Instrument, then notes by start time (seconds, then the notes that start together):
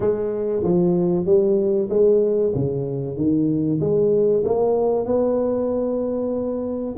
tuba
0.00 G#3
0.63 F3
1.25 G3
1.89 G#3
2.54 C#3
3.17 D#3
3.80 G#3
4.44 A#3
5.05 B3